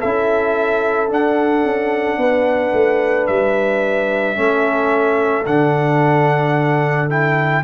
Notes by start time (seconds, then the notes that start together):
0.00 C#4 E4 A4 E5
1.09 D4 F#5
1.64 C#4
2.17 B3 B4
2.73 A3
3.27 G3 E5
4.35 A3 C#4 A4
5.46 D3 D4 F#5
7.10 E4 G5